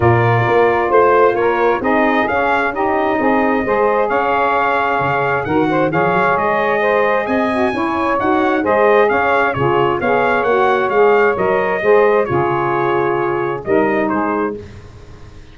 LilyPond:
<<
  \new Staff \with { instrumentName = "trumpet" } { \time 4/4 \tempo 4 = 132 d''2 c''4 cis''4 | dis''4 f''4 dis''2~ | dis''4 f''2. | fis''4 f''4 dis''2 |
gis''2 fis''4 dis''4 | f''4 cis''4 f''4 fis''4 | f''4 dis''2 cis''4~ | cis''2 dis''4 c''4 | }
  \new Staff \with { instrumentName = "saxophone" } { \time 4/4 ais'2 c''4 ais'4 | gis'2 g'4 gis'4 | c''4 cis''2. | ais'8 c''8 cis''2 c''4 |
dis''4 cis''2 c''4 | cis''4 gis'4 cis''2~ | cis''2 c''4 gis'4~ | gis'2 ais'4 gis'4 | }
  \new Staff \with { instrumentName = "saxophone" } { \time 4/4 f'1 | dis'4 cis'4 dis'2 | gis'1 | fis'4 gis'2.~ |
gis'8 fis'8 e'4 fis'4 gis'4~ | gis'4 f'4 gis'4 fis'4 | gis'4 ais'4 gis'4 f'4~ | f'2 dis'2 | }
  \new Staff \with { instrumentName = "tuba" } { \time 4/4 ais,4 ais4 a4 ais4 | c'4 cis'2 c'4 | gis4 cis'2 cis4 | dis4 f8 fis8 gis2 |
c'4 cis'4 dis'4 gis4 | cis'4 cis4 b4 ais4 | gis4 fis4 gis4 cis4~ | cis2 g4 gis4 | }
>>